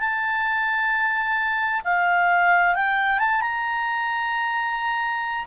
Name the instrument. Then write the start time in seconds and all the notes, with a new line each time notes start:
clarinet
0.00 A5
1.84 F5
2.75 G5
3.19 A5
3.41 A#5